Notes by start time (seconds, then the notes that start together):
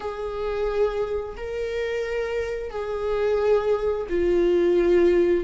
0.00 G#4
1.36 A#4
2.70 G#4
4.09 F4